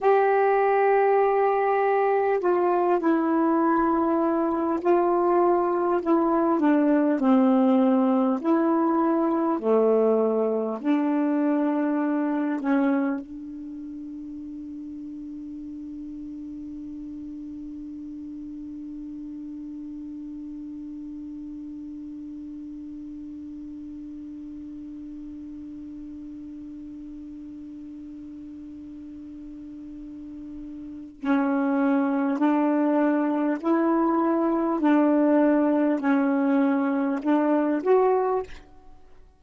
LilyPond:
\new Staff \with { instrumentName = "saxophone" } { \time 4/4 \tempo 4 = 50 g'2 f'8 e'4. | f'4 e'8 d'8 c'4 e'4 | a4 d'4. cis'8 d'4~ | d'1~ |
d'1~ | d'1~ | d'2 cis'4 d'4 | e'4 d'4 cis'4 d'8 fis'8 | }